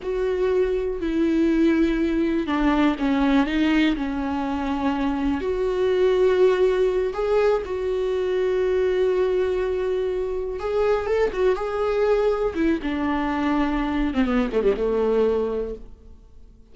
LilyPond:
\new Staff \with { instrumentName = "viola" } { \time 4/4 \tempo 4 = 122 fis'2 e'2~ | e'4 d'4 cis'4 dis'4 | cis'2. fis'4~ | fis'2~ fis'8 gis'4 fis'8~ |
fis'1~ | fis'4. gis'4 a'8 fis'8 gis'8~ | gis'4. e'8 d'2~ | d'8. c'16 b8 a16 g16 a2 | }